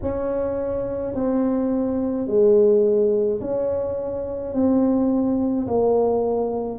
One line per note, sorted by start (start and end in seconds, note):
0.02 1.14 C#4
1.14 2.27 C4
2.27 3.40 G#3
3.41 4.53 C#4
4.53 5.66 C4
5.67 6.79 A#3